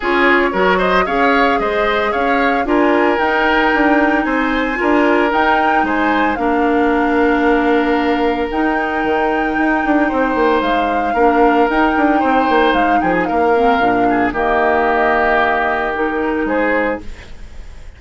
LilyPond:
<<
  \new Staff \with { instrumentName = "flute" } { \time 4/4 \tempo 4 = 113 cis''4. dis''8 f''4 dis''4 | f''4 gis''4 g''2 | gis''2 g''4 gis''4 | f''1 |
g''1 | f''2 g''2 | f''8 g''16 gis''16 f''2 dis''4~ | dis''2 ais'4 c''4 | }
  \new Staff \with { instrumentName = "oboe" } { \time 4/4 gis'4 ais'8 c''8 cis''4 c''4 | cis''4 ais'2. | c''4 ais'2 c''4 | ais'1~ |
ais'2. c''4~ | c''4 ais'2 c''4~ | c''8 gis'8 ais'4. gis'8 g'4~ | g'2. gis'4 | }
  \new Staff \with { instrumentName = "clarinet" } { \time 4/4 f'4 fis'4 gis'2~ | gis'4 f'4 dis'2~ | dis'4 f'4 dis'2 | d'1 |
dis'1~ | dis'4 d'4 dis'2~ | dis'4. c'8 d'4 ais4~ | ais2 dis'2 | }
  \new Staff \with { instrumentName = "bassoon" } { \time 4/4 cis'4 fis4 cis'4 gis4 | cis'4 d'4 dis'4 d'4 | c'4 d'4 dis'4 gis4 | ais1 |
dis'4 dis4 dis'8 d'8 c'8 ais8 | gis4 ais4 dis'8 d'8 c'8 ais8 | gis8 f8 ais4 ais,4 dis4~ | dis2. gis4 | }
>>